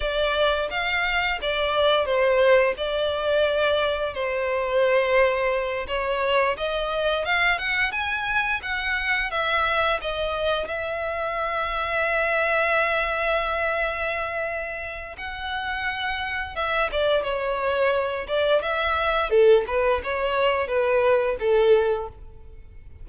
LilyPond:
\new Staff \with { instrumentName = "violin" } { \time 4/4 \tempo 4 = 87 d''4 f''4 d''4 c''4 | d''2 c''2~ | c''8 cis''4 dis''4 f''8 fis''8 gis''8~ | gis''8 fis''4 e''4 dis''4 e''8~ |
e''1~ | e''2 fis''2 | e''8 d''8 cis''4. d''8 e''4 | a'8 b'8 cis''4 b'4 a'4 | }